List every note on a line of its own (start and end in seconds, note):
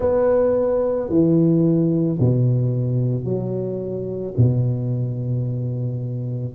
0.00 1.09 B3
1.09 2.18 E3
2.19 3.24 B2
3.24 4.33 F#3
4.37 6.55 B2